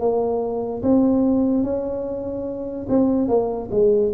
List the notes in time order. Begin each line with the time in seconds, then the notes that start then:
0.00 A#3
0.83 C4
1.63 C#4
2.89 C4
3.28 A#3
3.71 G#3